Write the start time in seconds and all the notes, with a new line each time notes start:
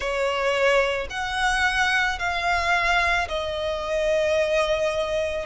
0.00 C#5
1.10 F#5
2.18 F5
3.28 D#5